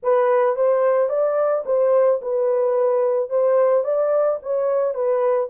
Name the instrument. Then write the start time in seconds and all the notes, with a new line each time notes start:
horn
0.03 B4
0.56 C5
1.09 D5
1.65 C5
2.21 B4
3.29 C5
3.84 D5
4.42 C#5
4.94 B4